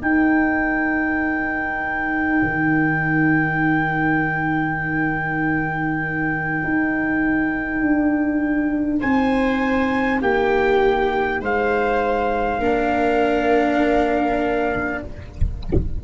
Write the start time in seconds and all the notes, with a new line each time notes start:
0.00 D#4 A#4 G5
2.42 D#3
6.63 D#4
7.81 D4
9.00 C4 C5 G#5
10.21 A#3 G4 G5
11.40 G#3 C5 F5
12.58 A#3 D4 A#4